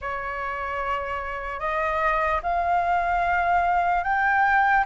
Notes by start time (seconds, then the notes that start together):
0.01 C#5
1.59 D#5
2.42 F5
4.03 G5